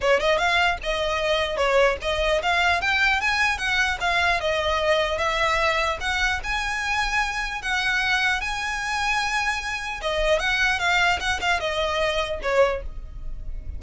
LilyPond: \new Staff \with { instrumentName = "violin" } { \time 4/4 \tempo 4 = 150 cis''8 dis''8 f''4 dis''2 | cis''4 dis''4 f''4 g''4 | gis''4 fis''4 f''4 dis''4~ | dis''4 e''2 fis''4 |
gis''2. fis''4~ | fis''4 gis''2.~ | gis''4 dis''4 fis''4 f''4 | fis''8 f''8 dis''2 cis''4 | }